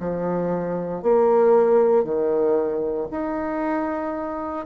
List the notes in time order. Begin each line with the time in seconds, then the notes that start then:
0.00 F3
1.03 A#3
2.05 D#3
3.11 D#4